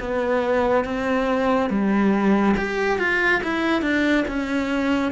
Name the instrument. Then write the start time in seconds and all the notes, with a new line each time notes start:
cello
0.00 B3
0.85 C4
1.70 G3
2.57 G4
2.99 F4
3.44 E4
3.82 D4
4.28 C#4